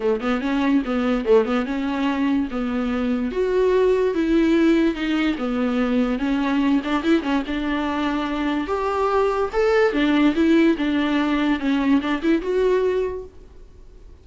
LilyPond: \new Staff \with { instrumentName = "viola" } { \time 4/4 \tempo 4 = 145 a8 b8 cis'4 b4 a8 b8 | cis'2 b2 | fis'2 e'2 | dis'4 b2 cis'4~ |
cis'8 d'8 e'8 cis'8 d'2~ | d'4 g'2 a'4 | d'4 e'4 d'2 | cis'4 d'8 e'8 fis'2 | }